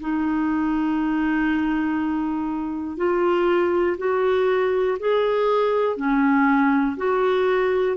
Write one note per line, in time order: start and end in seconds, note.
0.00 2.97 D#4
2.97 3.97 F4
3.97 4.97 F#4
4.99 5.96 G#4
5.96 6.96 C#4
6.97 7.97 F#4